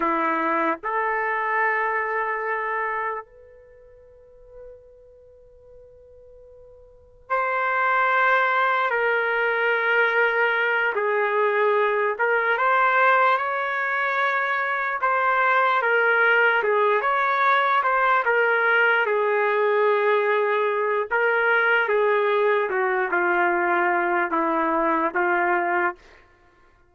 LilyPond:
\new Staff \with { instrumentName = "trumpet" } { \time 4/4 \tempo 4 = 74 e'4 a'2. | b'1~ | b'4 c''2 ais'4~ | ais'4. gis'4. ais'8 c''8~ |
c''8 cis''2 c''4 ais'8~ | ais'8 gis'8 cis''4 c''8 ais'4 gis'8~ | gis'2 ais'4 gis'4 | fis'8 f'4. e'4 f'4 | }